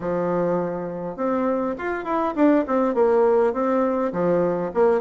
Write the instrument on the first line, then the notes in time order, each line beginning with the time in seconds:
bassoon
0.00 F3
1.16 C4
1.78 F4
2.04 E4
2.35 D4
2.67 C4
2.94 A#3
3.53 C4
4.12 F3
4.74 A#3